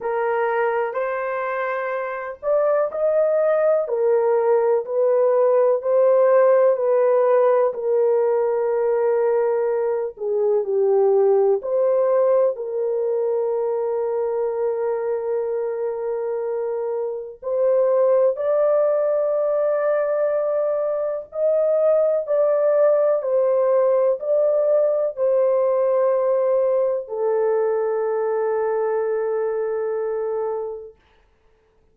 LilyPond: \new Staff \with { instrumentName = "horn" } { \time 4/4 \tempo 4 = 62 ais'4 c''4. d''8 dis''4 | ais'4 b'4 c''4 b'4 | ais'2~ ais'8 gis'8 g'4 | c''4 ais'2.~ |
ais'2 c''4 d''4~ | d''2 dis''4 d''4 | c''4 d''4 c''2 | a'1 | }